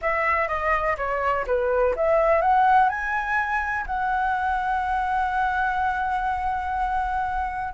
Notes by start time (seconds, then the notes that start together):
0.01 E5
0.48 D#5
0.97 C#5
1.46 B4
1.96 E5
2.41 F#5
2.89 G#5
3.86 F#5